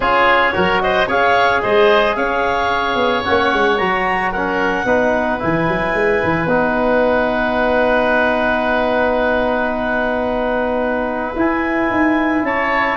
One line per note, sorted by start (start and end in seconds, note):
0.00 0.54 C#4
0.00 0.53 F4
0.00 0.54 G#4
0.00 0.81 C#5
0.53 1.07 F#3
0.53 1.07 F#4
0.53 0.81 A#4
0.81 1.07 C5
0.81 1.08 D#5
1.07 1.61 C#4
1.07 3.24 G#4
1.07 1.61 C#5
1.07 1.61 F5
1.61 2.16 G#3
1.61 2.16 C5
1.61 2.15 D#5
2.15 2.95 C#4
2.15 4.31 C#5
2.15 3.23 F5
2.95 3.22 B3
3.24 3.53 A#3
3.24 3.78 C#4
3.24 3.78 F#5
3.53 3.80 G#3
3.78 4.84 F#3
3.78 4.33 F#4
3.78 4.31 A#5
4.31 4.86 C#4
4.31 4.85 A#4
4.31 5.39 F#5
4.84 5.39 B3
4.84 5.39 D#4
4.84 12.42 B4
5.39 5.68 E3
5.39 6.47 E4
5.39 6.48 G#5
5.68 5.93 F#3
5.93 6.20 G#3
6.23 6.46 E3
6.46 11.32 B3
6.46 11.35 D#4
6.46 11.34 F#5
11.35 11.89 E4
11.35 12.97 E4
11.35 12.44 G#5
11.90 12.42 D#4
12.42 12.97 C#4
12.42 12.97 C#5
12.42 12.97 A5